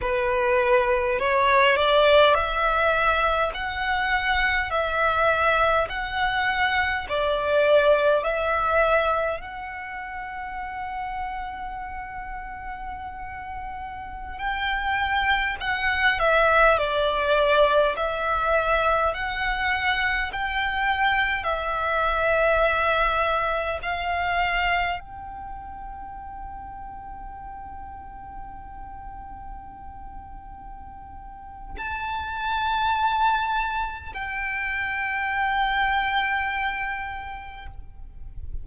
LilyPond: \new Staff \with { instrumentName = "violin" } { \time 4/4 \tempo 4 = 51 b'4 cis''8 d''8 e''4 fis''4 | e''4 fis''4 d''4 e''4 | fis''1~ | fis''16 g''4 fis''8 e''8 d''4 e''8.~ |
e''16 fis''4 g''4 e''4.~ e''16~ | e''16 f''4 g''2~ g''8.~ | g''2. a''4~ | a''4 g''2. | }